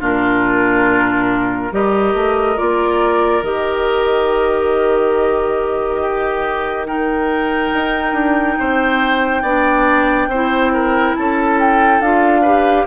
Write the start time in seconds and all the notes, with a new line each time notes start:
0.00 A#2 D4 F4 A#4
1.72 G3 G4 A#4 D#5
2.14 A3
2.56 A#3 F4 D5
3.43 D#3 G4 D#5
6.01 G4
6.86 D#4 A#4 G5
7.74 D#4
8.13 D4
8.59 C4 C5
9.42 B3 D4 D5
10.27 C4 C5
10.34 E4
10.74 A#4
11.16 C#4 A4 A5
11.59 G5
12.01 D4 F4 F5
12.42 G4 B4